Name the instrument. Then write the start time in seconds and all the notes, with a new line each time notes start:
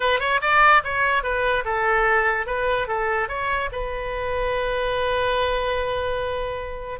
oboe
0.00 B4
0.19 C#5
0.41 D5
0.84 C#5
1.23 B4
1.64 A4
2.46 B4
2.87 A4
3.28 C#5
3.71 B4